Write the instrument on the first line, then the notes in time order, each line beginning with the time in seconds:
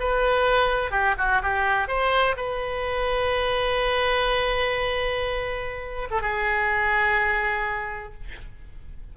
oboe
0.00 B4
0.91 G4
1.18 F#4
1.42 G4
1.88 C5
2.37 B4
6.11 A4
6.22 G#4